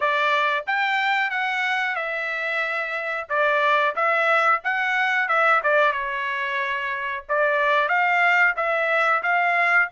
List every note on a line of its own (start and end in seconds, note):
0.00 0.65 D5
0.66 1.30 G5
1.30 1.95 F#5
1.95 3.27 E5
3.29 3.95 D5
3.95 4.61 E5
4.63 5.28 F#5
5.28 5.61 E5
5.63 5.92 D5
5.92 7.24 C#5
7.28 7.88 D5
7.88 8.54 F5
8.56 9.22 E5
9.22 9.88 F5